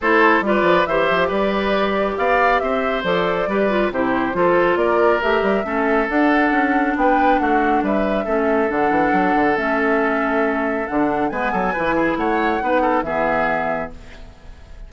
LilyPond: <<
  \new Staff \with { instrumentName = "flute" } { \time 4/4 \tempo 4 = 138 c''4 d''4 e''4 d''4~ | d''4 f''4 e''4 d''4~ | d''4 c''2 d''4 | e''2 fis''2 |
g''4 fis''4 e''2 | fis''2 e''2~ | e''4 fis''4 gis''2 | fis''2 e''2 | }
  \new Staff \with { instrumentName = "oboe" } { \time 4/4 a'4 b'4 c''4 b'4~ | b'4 d''4 c''2 | b'4 g'4 a'4 ais'4~ | ais'4 a'2. |
b'4 fis'4 b'4 a'4~ | a'1~ | a'2 b'8 a'8 b'8 gis'8 | cis''4 b'8 a'8 gis'2 | }
  \new Staff \with { instrumentName = "clarinet" } { \time 4/4 e'4 f'4 g'2~ | g'2. a'4 | g'8 f'8 e'4 f'2 | g'4 cis'4 d'2~ |
d'2. cis'4 | d'2 cis'2~ | cis'4 d'4 b4 e'4~ | e'4 dis'4 b2 | }
  \new Staff \with { instrumentName = "bassoon" } { \time 4/4 a4 g8 f8 e8 f8 g4~ | g4 b4 c'4 f4 | g4 c4 f4 ais4 | a8 g8 a4 d'4 cis'4 |
b4 a4 g4 a4 | d8 e8 fis8 d8 a2~ | a4 d4 gis8 fis8 e4 | a4 b4 e2 | }
>>